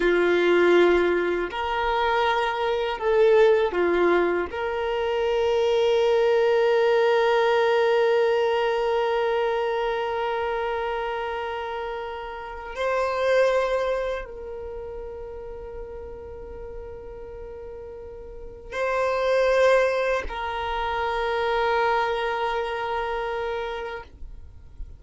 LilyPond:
\new Staff \with { instrumentName = "violin" } { \time 4/4 \tempo 4 = 80 f'2 ais'2 | a'4 f'4 ais'2~ | ais'1~ | ais'1~ |
ais'4 c''2 ais'4~ | ais'1~ | ais'4 c''2 ais'4~ | ais'1 | }